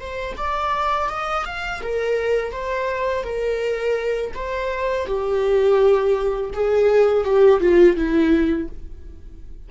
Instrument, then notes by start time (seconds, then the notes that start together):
viola
0.00 C5
0.37 D5
1.09 D#5
1.45 F5
1.82 A#4
2.52 C5
3.23 A#4
4.34 C5
5.06 G4
6.53 G#4
7.24 G4
7.60 F4
7.96 E4